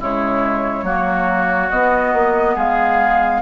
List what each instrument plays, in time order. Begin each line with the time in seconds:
0.00 bassoon C#3, clarinet G#3, oboe E4, flute C#5
0.83 bassoon F#3, clarinet A#3, oboe F#4
1.70 clarinet B3, bassoon B3, flute D#5
2.13 bassoon A#3
2.55 bassoon G#3, oboe G#4, flute F5